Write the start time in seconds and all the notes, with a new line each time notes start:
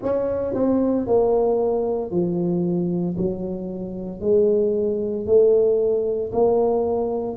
0.02 C#4
0.54 C4
1.06 A#3
2.11 F3
3.17 F#3
4.20 G#3
5.25 A3
6.32 A#3